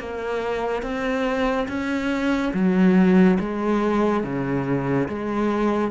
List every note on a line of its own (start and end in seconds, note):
0.00 0.83 A#3
0.83 1.67 C4
1.68 2.53 C#4
2.54 3.38 F#3
3.40 4.24 G#3
4.24 5.08 C#3
5.09 5.92 G#3